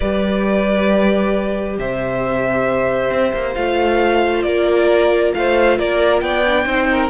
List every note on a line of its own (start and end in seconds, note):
0.00 1.77 G3
0.00 3.55 G4
0.00 1.78 B4
0.00 1.75 D5
1.77 3.10 C3
1.77 4.46 C5
1.77 3.54 E5
3.10 3.32 C4
3.33 3.56 A#3
3.54 4.44 A3
3.54 6.44 F4
3.54 4.42 F5
4.42 5.33 A#3
4.42 5.35 A#4
4.42 5.31 D5
5.34 5.78 A3
5.34 5.78 C5
5.34 5.78 F5
5.78 6.21 A#3
5.78 6.23 A#4
5.78 6.20 D5
6.20 6.65 B3
6.20 6.65 D5
6.20 7.09 G5
6.46 6.67 D4
6.65 7.09 C4
6.65 7.09 D#4
6.65 6.87 C5
6.91 7.09 A#4